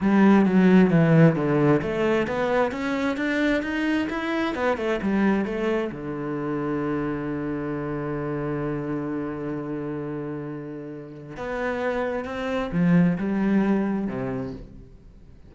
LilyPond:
\new Staff \with { instrumentName = "cello" } { \time 4/4 \tempo 4 = 132 g4 fis4 e4 d4 | a4 b4 cis'4 d'4 | dis'4 e'4 b8 a8 g4 | a4 d2.~ |
d1~ | d1~ | d4 b2 c'4 | f4 g2 c4 | }